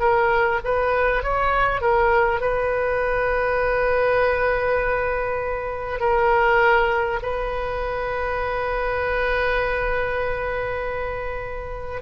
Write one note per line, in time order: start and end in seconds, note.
0.00 0.60 A#4
0.64 1.23 B4
1.23 1.81 C#5
1.81 2.41 A#4
2.41 6.00 B4
6.00 7.20 A#4
7.22 12.02 B4